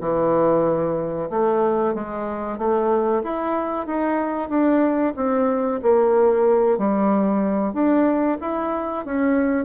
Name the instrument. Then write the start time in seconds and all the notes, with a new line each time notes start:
bassoon
0.00 E3
1.30 A3
1.94 G#3
2.57 A3
3.23 E4
3.86 D#4
4.49 D4
5.16 C4
5.82 A#3
6.78 G3
7.73 D4
8.40 E4
9.05 C#4